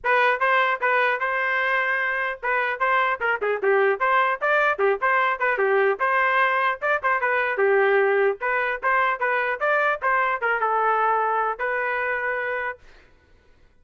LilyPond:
\new Staff \with { instrumentName = "trumpet" } { \time 4/4 \tempo 4 = 150 b'4 c''4 b'4 c''4~ | c''2 b'4 c''4 | ais'8 gis'8 g'4 c''4 d''4 | g'8 c''4 b'8 g'4 c''4~ |
c''4 d''8 c''8 b'4 g'4~ | g'4 b'4 c''4 b'4 | d''4 c''4 ais'8 a'4.~ | a'4 b'2. | }